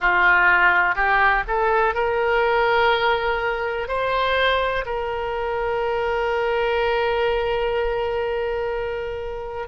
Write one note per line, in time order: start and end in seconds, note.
0.00 0.95 F4
0.95 1.43 G4
1.47 1.94 A4
1.94 3.88 A#4
3.88 4.84 C5
4.85 9.68 A#4